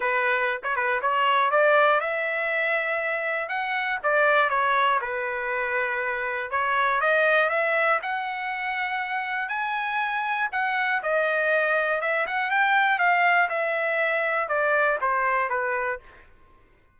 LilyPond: \new Staff \with { instrumentName = "trumpet" } { \time 4/4 \tempo 4 = 120 b'4~ b'16 cis''16 b'8 cis''4 d''4 | e''2. fis''4 | d''4 cis''4 b'2~ | b'4 cis''4 dis''4 e''4 |
fis''2. gis''4~ | gis''4 fis''4 dis''2 | e''8 fis''8 g''4 f''4 e''4~ | e''4 d''4 c''4 b'4 | }